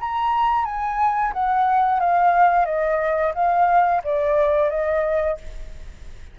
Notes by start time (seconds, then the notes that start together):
0.00 A#5
0.65 G#5
1.33 F#5
1.99 F5
2.65 D#5
3.34 F5
4.03 D5
4.69 D#5